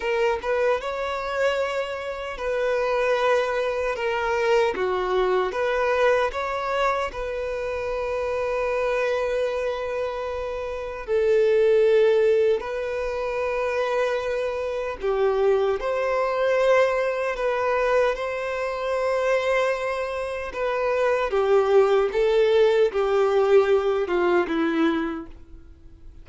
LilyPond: \new Staff \with { instrumentName = "violin" } { \time 4/4 \tempo 4 = 76 ais'8 b'8 cis''2 b'4~ | b'4 ais'4 fis'4 b'4 | cis''4 b'2.~ | b'2 a'2 |
b'2. g'4 | c''2 b'4 c''4~ | c''2 b'4 g'4 | a'4 g'4. f'8 e'4 | }